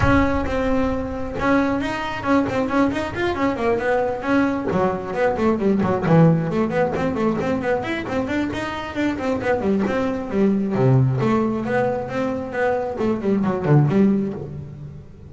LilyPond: \new Staff \with { instrumentName = "double bass" } { \time 4/4 \tempo 4 = 134 cis'4 c'2 cis'4 | dis'4 cis'8 c'8 cis'8 dis'8 f'8 cis'8 | ais8 b4 cis'4 fis4 b8 | a8 g8 fis8 e4 a8 b8 c'8 |
a8 c'8 b8 e'8 c'8 d'8 dis'4 | d'8 c'8 b8 g8 c'4 g4 | c4 a4 b4 c'4 | b4 a8 g8 fis8 d8 g4 | }